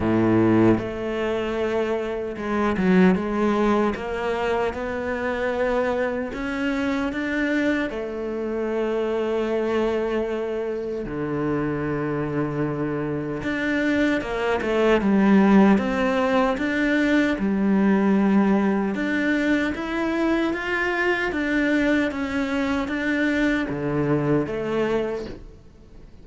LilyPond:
\new Staff \with { instrumentName = "cello" } { \time 4/4 \tempo 4 = 76 a,4 a2 gis8 fis8 | gis4 ais4 b2 | cis'4 d'4 a2~ | a2 d2~ |
d4 d'4 ais8 a8 g4 | c'4 d'4 g2 | d'4 e'4 f'4 d'4 | cis'4 d'4 d4 a4 | }